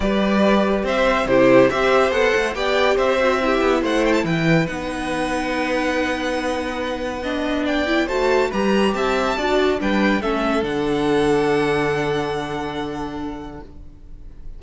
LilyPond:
<<
  \new Staff \with { instrumentName = "violin" } { \time 4/4 \tempo 4 = 141 d''2 e''4 c''4 | e''4 fis''4 g''4 e''4~ | e''4 fis''8 g''16 a''16 g''4 fis''4~ | fis''1~ |
fis''2 g''4 a''4 | ais''4 a''2 g''4 | e''4 fis''2.~ | fis''1 | }
  \new Staff \with { instrumentName = "violin" } { \time 4/4 b'2 c''4 g'4 | c''2 d''4 c''4 | g'4 c''4 b'2~ | b'1~ |
b'4 dis''4 d''4 c''4 | b'4 e''4 d''4 b'4 | a'1~ | a'1 | }
  \new Staff \with { instrumentName = "viola" } { \time 4/4 g'2. e'4 | g'4 a'4 g'4. fis'8 | e'2. dis'4~ | dis'1~ |
dis'4 d'4. e'8 fis'4 | g'2 fis'4 d'4 | cis'4 d'2.~ | d'1 | }
  \new Staff \with { instrumentName = "cello" } { \time 4/4 g2 c'4 c4 | c'4 b8 a8 b4 c'4~ | c'8 b8 a4 e4 b4~ | b1~ |
b2. a4 | g4 c'4 d'4 g4 | a4 d2.~ | d1 | }
>>